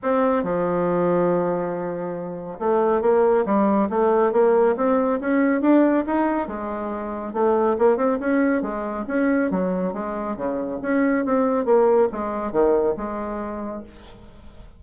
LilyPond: \new Staff \with { instrumentName = "bassoon" } { \time 4/4 \tempo 4 = 139 c'4 f2.~ | f2 a4 ais4 | g4 a4 ais4 c'4 | cis'4 d'4 dis'4 gis4~ |
gis4 a4 ais8 c'8 cis'4 | gis4 cis'4 fis4 gis4 | cis4 cis'4 c'4 ais4 | gis4 dis4 gis2 | }